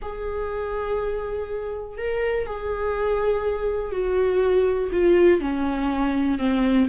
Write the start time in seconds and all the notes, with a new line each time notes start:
0.02 G#4
1.97 A#4
2.46 G#4
3.91 F#4
4.92 F4
5.40 C#4
6.38 C4